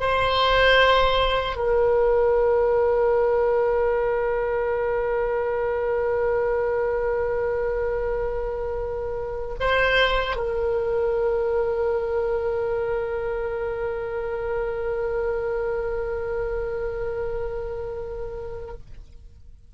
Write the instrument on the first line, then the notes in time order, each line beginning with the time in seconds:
oboe
0.00 C5
1.56 A#4
9.60 C5
10.36 A#4